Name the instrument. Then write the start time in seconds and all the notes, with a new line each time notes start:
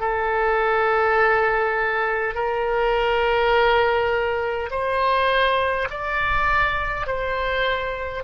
oboe
0.00 A4
2.35 A#4
4.71 C5
5.91 D5
7.07 C5